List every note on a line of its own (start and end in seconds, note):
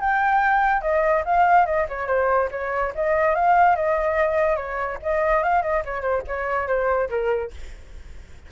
0.00 0.81 G5
0.81 1.23 D#5
1.25 1.66 F5
1.66 1.87 D#5
1.88 2.07 C#5
2.07 2.49 C5
2.51 2.93 C#5
2.95 3.35 D#5
3.35 3.76 F5
3.76 4.56 D#5
4.56 4.98 C#5
5.02 5.43 D#5
5.43 5.62 F5
5.62 5.83 D#5
5.85 6.01 C#5
6.01 6.22 C5
6.27 6.67 C#5
6.67 7.09 C5
7.09 7.51 A#4